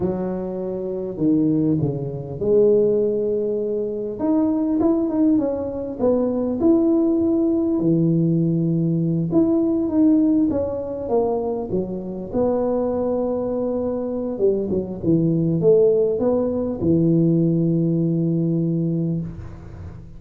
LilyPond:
\new Staff \with { instrumentName = "tuba" } { \time 4/4 \tempo 4 = 100 fis2 dis4 cis4 | gis2. dis'4 | e'8 dis'8 cis'4 b4 e'4~ | e'4 e2~ e8 e'8~ |
e'8 dis'4 cis'4 ais4 fis8~ | fis8 b2.~ b8 | g8 fis8 e4 a4 b4 | e1 | }